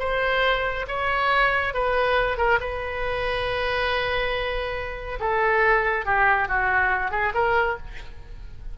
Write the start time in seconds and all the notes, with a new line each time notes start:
0.00 C5
0.88 C#5
1.74 B4
2.38 A#4
2.61 B4
5.20 A4
6.06 G4
6.49 F#4
7.11 G#4
7.35 A#4